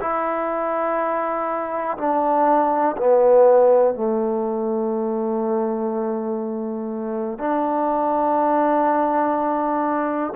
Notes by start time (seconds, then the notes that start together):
0.00 E4
1.98 D4
2.97 B3
3.94 A3
7.38 D4